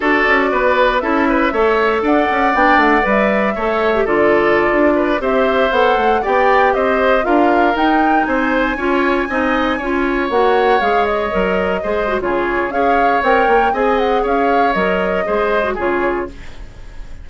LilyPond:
<<
  \new Staff \with { instrumentName = "flute" } { \time 4/4 \tempo 4 = 118 d''2 e''2 | fis''4 g''8 fis''8 e''2 | d''2~ d''16 e''4 fis''8.~ | fis''16 g''4 dis''4 f''4 g''8.~ |
g''16 gis''2.~ gis''8.~ | gis''16 fis''4 f''8 dis''2~ dis''16 | cis''4 f''4 g''4 gis''8 fis''8 | f''4 dis''2 cis''4 | }
  \new Staff \with { instrumentName = "oboe" } { \time 4/4 a'4 b'4 a'8 b'8 cis''4 | d''2. cis''4 | a'4.~ a'16 b'8 c''4.~ c''16~ | c''16 d''4 c''4 ais'4.~ ais'16~ |
ais'16 c''4 cis''4 dis''4 cis''8.~ | cis''2.~ cis''16 c''8. | gis'4 cis''2 dis''4 | cis''2 c''4 gis'4 | }
  \new Staff \with { instrumentName = "clarinet" } { \time 4/4 fis'2 e'4 a'4~ | a'4 d'4 b'4 a'8. g'16 | f'2~ f'16 g'4 a'8.~ | a'16 g'2 f'4 dis'8.~ |
dis'4~ dis'16 f'4 dis'4 f'8.~ | f'16 fis'4 gis'4 ais'4 gis'8 fis'16 | f'4 gis'4 ais'4 gis'4~ | gis'4 ais'4 gis'8. fis'16 f'4 | }
  \new Staff \with { instrumentName = "bassoon" } { \time 4/4 d'8 cis'8 b4 cis'4 a4 | d'8 cis'8 b8 a8 g4 a4 | d4~ d16 d'4 c'4 b8 a16~ | a16 b4 c'4 d'4 dis'8.~ |
dis'16 c'4 cis'4 c'4 cis'8.~ | cis'16 ais4 gis4 fis4 gis8. | cis4 cis'4 c'8 ais8 c'4 | cis'4 fis4 gis4 cis4 | }
>>